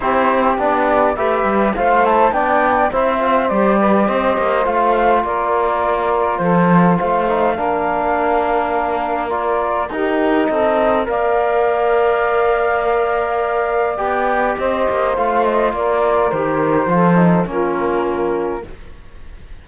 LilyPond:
<<
  \new Staff \with { instrumentName = "flute" } { \time 4/4 \tempo 4 = 103 c''4 d''4 e''4 f''8 a''8 | g''4 e''4 d''4 dis''4 | f''4 d''2 c''4 | f''1 |
d''4 ais'4 dis''4 f''4~ | f''1 | g''4 dis''4 f''8 dis''8 d''4 | c''2 ais'2 | }
  \new Staff \with { instrumentName = "saxophone" } { \time 4/4 g'2 b'4 c''4 | d''4 c''4. b'8 c''4~ | c''4 ais'2 a'4 | c''4 ais'2.~ |
ais'4 g'4 a'4 d''4~ | d''1~ | d''4 c''2 ais'4~ | ais'4 a'4 f'2 | }
  \new Staff \with { instrumentName = "trombone" } { \time 4/4 e'4 d'4 g'4 f'8 e'8 | d'4 e'8 f'8 g'2 | f'1~ | f'8 dis'8 d'2. |
f'4 dis'2 ais'4~ | ais'1 | g'2 f'2 | g'4 f'8 dis'8 cis'2 | }
  \new Staff \with { instrumentName = "cello" } { \time 4/4 c'4 b4 a8 g8 a4 | b4 c'4 g4 c'8 ais8 | a4 ais2 f4 | a4 ais2.~ |
ais4 dis'4 c'4 ais4~ | ais1 | b4 c'8 ais8 a4 ais4 | dis4 f4 ais2 | }
>>